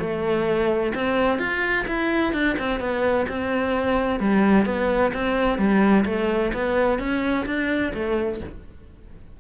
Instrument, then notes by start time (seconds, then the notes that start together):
cello
0.00 A3
0.95 C4
1.39 F4
1.87 E4
2.33 D4
2.59 C4
2.80 B3
3.29 C4
4.20 G3
4.65 B3
5.14 C4
5.58 G3
6.06 A3
6.54 B3
6.99 C#4
7.46 D4
7.94 A3